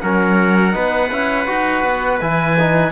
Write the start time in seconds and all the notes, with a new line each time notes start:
0.00 F#3 C#4 A#4 F#5
0.72 B3 D#4 B4
1.11 C#4 E4
1.46 D#4 F#4
1.84 B3
2.20 E3 E4 G#5
2.59 D#4